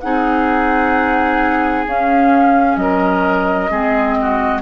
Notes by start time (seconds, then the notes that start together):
0.00 C4 D#4 G#4 F#5
1.86 C#4 F5
2.76 F#3 A#4 D#5
3.71 G#3 C4 G#4
4.22 F#4